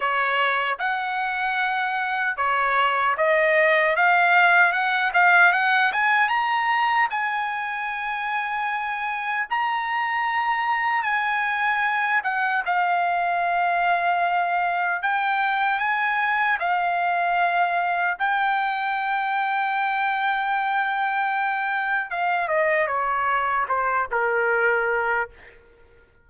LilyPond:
\new Staff \with { instrumentName = "trumpet" } { \time 4/4 \tempo 4 = 76 cis''4 fis''2 cis''4 | dis''4 f''4 fis''8 f''8 fis''8 gis''8 | ais''4 gis''2. | ais''2 gis''4. fis''8 |
f''2. g''4 | gis''4 f''2 g''4~ | g''1 | f''8 dis''8 cis''4 c''8 ais'4. | }